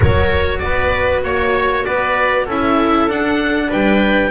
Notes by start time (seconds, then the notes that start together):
0.00 F#3 F#4 A#4 C#5
0.59 B3 D5
0.65 B4
1.23 A#3 C#5
1.84 B3 B4 D5
2.44 C#4 E4 A4 E5
3.08 D4 F#5
3.69 G3 B4 G5